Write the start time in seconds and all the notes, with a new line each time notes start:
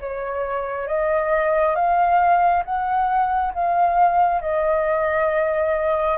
0.00 C#5
0.87 D#5
1.75 F5
2.65 F#5
3.54 F5
4.42 D#5